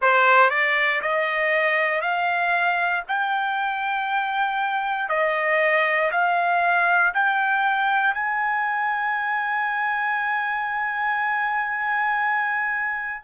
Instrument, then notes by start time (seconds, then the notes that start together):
trumpet
0.01 C5
0.50 D5
1.01 D#5
2.01 F5
3.07 G5
5.09 D#5
6.11 F5
7.14 G5
8.14 G#5